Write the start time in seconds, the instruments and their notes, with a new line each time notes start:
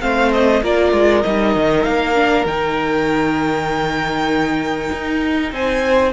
0.00 cello A3, viola C4, violin C5 F5
0.32 violin D#5
0.62 cello A#3, viola F4, violin A#4 D5
0.92 cello G#3
1.22 cello G3, viola D#4, violin D#5
1.55 cello D#3
1.83 cello A#3, violin F5
2.14 viola D4
2.45 cello D#3, viola D#4, violin G5
4.92 cello D#4
5.52 cello C4, violin C5 G#5